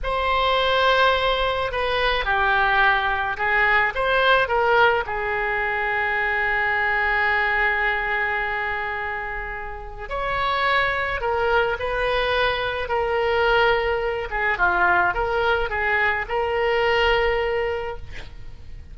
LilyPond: \new Staff \with { instrumentName = "oboe" } { \time 4/4 \tempo 4 = 107 c''2. b'4 | g'2 gis'4 c''4 | ais'4 gis'2.~ | gis'1~ |
gis'2 cis''2 | ais'4 b'2 ais'4~ | ais'4. gis'8 f'4 ais'4 | gis'4 ais'2. | }